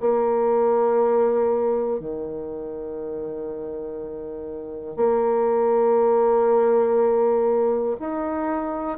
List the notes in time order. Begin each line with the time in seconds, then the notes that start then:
0.00 A#3
2.00 D#3
4.96 A#3
8.00 D#4